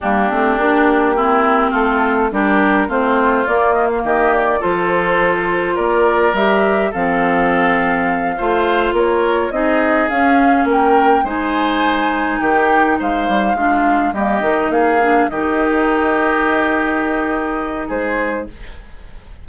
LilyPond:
<<
  \new Staff \with { instrumentName = "flute" } { \time 4/4 \tempo 4 = 104 g'2. a'4 | ais'4 c''4 d''8 dis''16 f''16 dis''8 d''8 | c''2 d''4 e''4 | f''2.~ f''8 cis''8~ |
cis''8 dis''4 f''4 g''4 gis''8~ | gis''4. g''4 f''4.~ | f''8 dis''4 f''4 dis''4.~ | dis''2. c''4 | }
  \new Staff \with { instrumentName = "oboe" } { \time 4/4 d'2 e'4 f'4 | g'4 f'2 g'4 | a'2 ais'2 | a'2~ a'8 c''4 ais'8~ |
ais'8 gis'2 ais'4 c''8~ | c''4. g'4 c''4 f'8~ | f'8 g'4 gis'4 g'4.~ | g'2. gis'4 | }
  \new Staff \with { instrumentName = "clarinet" } { \time 4/4 ais8 c'8 d'4 c'2 | d'4 c'4 ais2 | f'2. g'4 | c'2~ c'8 f'4.~ |
f'8 dis'4 cis'2 dis'8~ | dis'2.~ dis'8 d'8~ | d'8 ais8 dis'4 d'8 dis'4.~ | dis'1 | }
  \new Staff \with { instrumentName = "bassoon" } { \time 4/4 g8 a8 ais2 a4 | g4 a4 ais4 dis4 | f2 ais4 g4 | f2~ f8 a4 ais8~ |
ais8 c'4 cis'4 ais4 gis8~ | gis4. dis4 gis8 g8 gis8~ | gis8 g8 dis8 ais4 dis4.~ | dis2. gis4 | }
>>